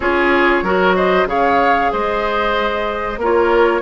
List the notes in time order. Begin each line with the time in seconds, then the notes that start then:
0.00 C#4 F4 G#4 C#5
0.62 F#3 F#4 A#4
0.95 C5 D#5
1.25 C#3 G#4 C#5 F5
1.91 G#3 C5 D#5
3.17 A#3 F4 A#4 C#5